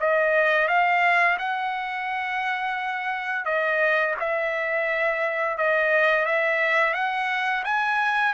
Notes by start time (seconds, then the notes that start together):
0.00 D#5
0.68 F5
1.38 F#5
3.45 D#5
4.20 E5
5.57 D#5
6.25 E5
6.94 F#5
7.64 G#5